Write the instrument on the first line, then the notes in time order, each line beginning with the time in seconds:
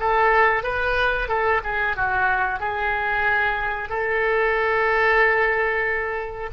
oboe
0.00 A4
0.63 B4
1.28 A4
1.64 G#4
1.96 F#4
2.60 G#4
3.89 A4